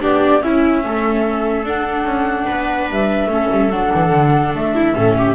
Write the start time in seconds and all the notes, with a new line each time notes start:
0.00 B3 D4 G4 D5
0.40 C#4 E4 E5
0.84 A3 A4
1.64 D4 F#5
2.04 C#4
2.46 B3 B4
2.90 G3 E5
3.26 A3 C#4
3.32 A4
3.50 G3
3.70 F#3 D4 F#5
3.93 E3
4.12 D3
4.53 A3 E5
4.75 E4
4.94 A2 C#4 A4
5.18 G4